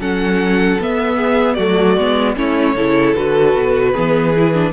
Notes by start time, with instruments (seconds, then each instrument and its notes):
0.00 cello F#3, viola C#4, violin A4 F#5
0.81 cello B3, viola B3, violin E5
1.17 violin G#4
1.55 cello F#3, viola A3, violin F#4 D5
1.97 cello G#3, viola B3
2.37 cello A3, viola C#4, violin E4 C#5
2.75 cello C#3, viola E4, violin A4
3.15 cello D3, viola F#4, violin B4
3.55 cello B2
3.93 cello E3, viola B3, violin G#4
4.37 viola E4
4.55 viola D4